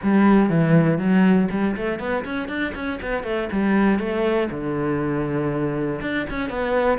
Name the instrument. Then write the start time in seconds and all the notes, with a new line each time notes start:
cello
0.02 G3
0.49 E3
0.98 F#3
1.50 G3
1.76 A3
1.99 B3
2.24 C#4
2.48 D4
2.74 C#4
3.02 B3
3.23 A3
3.51 G3
3.99 A3
4.50 D3
6.01 D4
6.30 C#4
6.49 B3